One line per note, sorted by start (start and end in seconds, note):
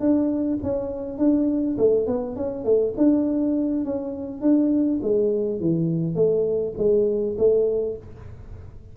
0.00 0.59 D4
0.63 1.18 C#4
1.18 1.77 D4
1.78 2.07 A3
2.07 2.36 B3
2.36 2.64 C#4
2.64 2.94 A3
2.97 3.85 D4
3.85 4.41 C#4
4.41 5.00 D4
5.02 5.60 G#3
5.60 6.15 E3
6.15 6.74 A3
6.77 7.36 G#3
7.38 7.97 A3